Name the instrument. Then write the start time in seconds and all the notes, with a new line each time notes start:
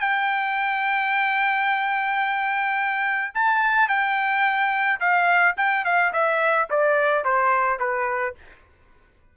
trumpet
0.00 G5
3.34 A5
3.88 G5
4.99 F5
5.57 G5
5.84 F5
6.13 E5
6.70 D5
7.24 C5
7.79 B4